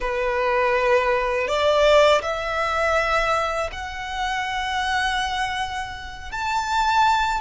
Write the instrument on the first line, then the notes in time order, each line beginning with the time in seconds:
violin
0.00 B4
1.47 D5
2.22 E5
3.72 F#5
6.31 A5